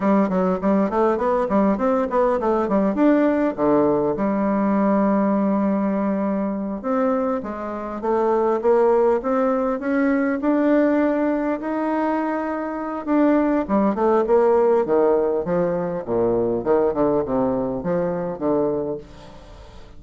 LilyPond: \new Staff \with { instrumentName = "bassoon" } { \time 4/4 \tempo 4 = 101 g8 fis8 g8 a8 b8 g8 c'8 b8 | a8 g8 d'4 d4 g4~ | g2.~ g8 c'8~ | c'8 gis4 a4 ais4 c'8~ |
c'8 cis'4 d'2 dis'8~ | dis'2 d'4 g8 a8 | ais4 dis4 f4 ais,4 | dis8 d8 c4 f4 d4 | }